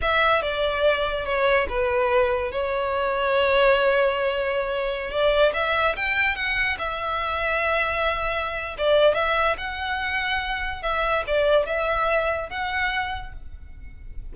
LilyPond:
\new Staff \with { instrumentName = "violin" } { \time 4/4 \tempo 4 = 144 e''4 d''2 cis''4 | b'2 cis''2~ | cis''1~ | cis''16 d''4 e''4 g''4 fis''8.~ |
fis''16 e''2.~ e''8.~ | e''4 d''4 e''4 fis''4~ | fis''2 e''4 d''4 | e''2 fis''2 | }